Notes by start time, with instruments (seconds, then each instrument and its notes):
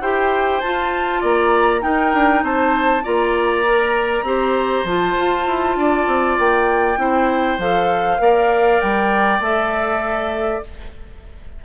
0.00 bassoon E4, clarinet G4, oboe C5, flute G5
0.60 clarinet F4, bassoon F4, flute A5
1.20 bassoon A#3, oboe D5, flute A#5
1.80 clarinet D#4, bassoon D#4, oboe A#4, flute G5
2.13 bassoon D4
2.42 bassoon C4, oboe C5, flute A5
3.03 bassoon A#3, clarinet F4, oboe D5, flute A#5
3.65 clarinet A#4
4.22 bassoon C4, clarinet G4, oboe C5
4.84 bassoon F3, clarinet F4, flute A5
5.17 bassoon F4
5.46 bassoon E4
5.76 bassoon D4, oboe D5
6.06 bassoon C4
6.39 bassoon A#3, flute G5
6.97 bassoon C4, clarinet E4, oboe C5
7.58 bassoon F3, clarinet A4, flute F5
8.18 bassoon A#3, clarinet A#4, oboe D5
8.81 bassoon G3, flute G5
9.39 bassoon A3, clarinet A4, flute E5